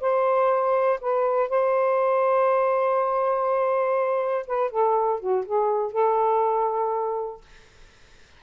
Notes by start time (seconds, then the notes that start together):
0.00 C5
1.01 B4
1.49 C5
4.47 B4
4.70 A4
5.20 F#4
5.45 G#4
5.92 A4